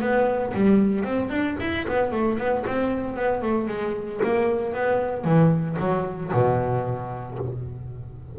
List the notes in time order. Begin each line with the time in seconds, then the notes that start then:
0.00 B3
0.54 G3
1.04 C4
1.30 D4
1.60 E4
1.88 B3
2.11 A3
2.38 B3
2.67 C4
3.16 B3
3.42 A3
3.68 G#3
4.23 A#3
4.73 B3
5.24 E3
5.79 F#3
6.33 B2